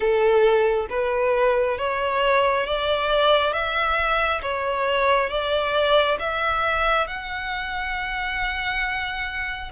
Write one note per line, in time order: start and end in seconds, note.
0.00 0.87 A4
0.89 1.78 B4
1.78 2.66 C#5
2.66 3.53 D5
3.53 4.41 E5
4.42 5.29 C#5
5.29 6.18 D5
6.19 7.07 E5
7.07 9.71 F#5